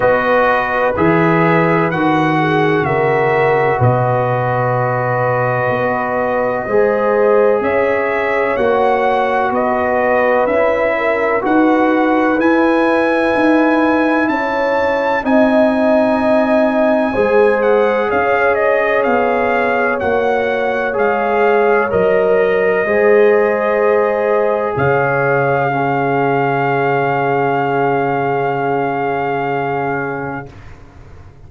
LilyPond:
<<
  \new Staff \with { instrumentName = "trumpet" } { \time 4/4 \tempo 4 = 63 dis''4 e''4 fis''4 e''4 | dis''1 | e''4 fis''4 dis''4 e''4 | fis''4 gis''2 a''4 |
gis''2~ gis''8 fis''8 f''8 dis''8 | f''4 fis''4 f''4 dis''4~ | dis''2 f''2~ | f''1 | }
  \new Staff \with { instrumentName = "horn" } { \time 4/4 b'2~ b'8 gis'8 ais'4 | b'2. c''4 | cis''2 b'4. ais'8 | b'2. cis''4 |
dis''2 c''4 cis''4~ | cis''1 | c''2 cis''4 gis'4~ | gis'1 | }
  \new Staff \with { instrumentName = "trombone" } { \time 4/4 fis'4 gis'4 fis'2~ | fis'2. gis'4~ | gis'4 fis'2 e'4 | fis'4 e'2. |
dis'2 gis'2~ | gis'4 fis'4 gis'4 ais'4 | gis'2. cis'4~ | cis'1 | }
  \new Staff \with { instrumentName = "tuba" } { \time 4/4 b4 e4 dis4 cis4 | b,2 b4 gis4 | cis'4 ais4 b4 cis'4 | dis'4 e'4 dis'4 cis'4 |
c'2 gis4 cis'4 | b4 ais4 gis4 fis4 | gis2 cis2~ | cis1 | }
>>